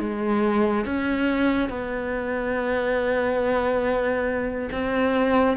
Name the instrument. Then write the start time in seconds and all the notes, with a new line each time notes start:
cello
0.00 G#3
0.86 C#4
1.70 B3
4.72 C4